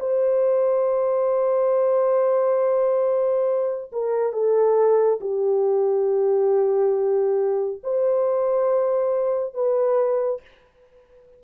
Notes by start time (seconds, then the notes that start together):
0.00 C5
3.92 A#4
4.32 A4
5.20 G4
7.83 C5
9.54 B4